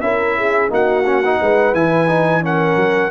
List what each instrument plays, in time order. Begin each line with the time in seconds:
0.00 tuba C#4, trombone E4, horn A#4, trumpet E5
0.38 horn G#4
0.69 tuba A#3, trombone D#4, horn F#4, trumpet F#5
1.06 trombone C#4
1.24 trombone D#4
1.40 tuba G#3, horn B4
1.73 tuba E3, trombone E4, trumpet G#5
2.07 trombone D#4
2.42 trombone C#4, horn A#4, trumpet F#5
2.76 tuba F#3